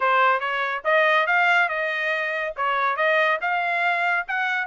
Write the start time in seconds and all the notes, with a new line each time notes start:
0.00 C5
0.40 C#5
0.84 D#5
1.26 F5
1.68 D#5
2.56 C#5
2.96 D#5
3.41 F5
4.27 F#5